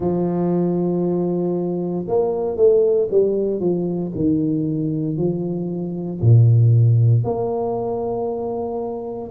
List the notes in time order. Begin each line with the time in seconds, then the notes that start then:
0.00 F3
2.07 A#3
2.56 A3
3.10 G3
3.60 F3
4.14 D#3
5.16 F3
6.21 A#2
7.24 A#3